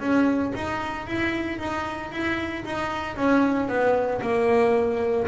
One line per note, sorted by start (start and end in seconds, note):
0.00 0.53 C#4
0.56 1.07 D#4
1.07 1.59 E4
1.59 2.12 D#4
2.12 2.65 E4
2.65 3.16 D#4
3.16 3.68 C#4
3.68 4.21 B3
4.22 5.27 A#3